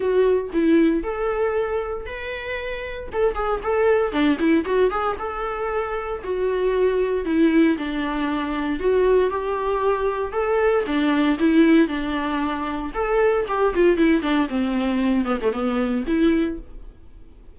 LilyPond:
\new Staff \with { instrumentName = "viola" } { \time 4/4 \tempo 4 = 116 fis'4 e'4 a'2 | b'2 a'8 gis'8 a'4 | d'8 e'8 fis'8 gis'8 a'2 | fis'2 e'4 d'4~ |
d'4 fis'4 g'2 | a'4 d'4 e'4 d'4~ | d'4 a'4 g'8 f'8 e'8 d'8 | c'4. b16 a16 b4 e'4 | }